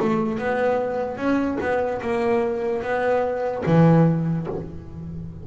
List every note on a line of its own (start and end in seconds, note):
0.00 0.38 A3
0.38 1.17 B3
1.17 1.57 C#4
1.61 2.01 B3
2.01 2.82 A#3
2.82 3.63 B3
3.66 4.47 E3